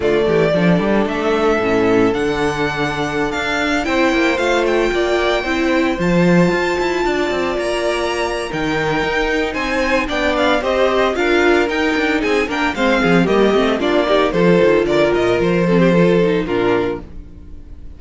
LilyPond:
<<
  \new Staff \with { instrumentName = "violin" } { \time 4/4 \tempo 4 = 113 d''2 e''2 | fis''2~ fis''16 f''4 g''8.~ | g''16 f''8 g''2~ g''8 a''8.~ | a''2~ a''16 ais''4.~ ais''16 |
g''2 gis''4 g''8 f''8 | dis''4 f''4 g''4 gis''8 g''8 | f''4 dis''4 d''4 c''4 | d''8 dis''8 c''2 ais'4 | }
  \new Staff \with { instrumentName = "violin" } { \time 4/4 f'8 g'8 a'2.~ | a'2.~ a'16 c''8.~ | c''4~ c''16 d''4 c''4.~ c''16~ | c''4~ c''16 d''2~ d''8. |
ais'2 c''4 d''4 | c''4 ais'2 gis'8 ais'8 | c''8 gis'8 g'4 f'8 g'8 a'4 | ais'4. a'16 g'16 a'4 f'4 | }
  \new Staff \with { instrumentName = "viola" } { \time 4/4 a4 d'2 cis'4 | d'2.~ d'16 e'8.~ | e'16 f'2 e'4 f'8.~ | f'1 |
dis'2. d'4 | g'4 f'4 dis'4. d'8 | c'4 ais8 c'8 d'8 dis'8 f'4~ | f'4. c'8 f'8 dis'8 d'4 | }
  \new Staff \with { instrumentName = "cello" } { \time 4/4 d8 e8 f8 g8 a4 a,4 | d2~ d16 d'4 c'8 ais16~ | ais16 a4 ais4 c'4 f8.~ | f16 f'8 e'8 d'8 c'8 ais4.~ ais16 |
dis4 dis'4 c'4 b4 | c'4 d'4 dis'8 d'8 c'8 ais8 | gis8 f8 g8 a8 ais4 f8 dis8 | d8 ais,8 f2 ais,4 | }
>>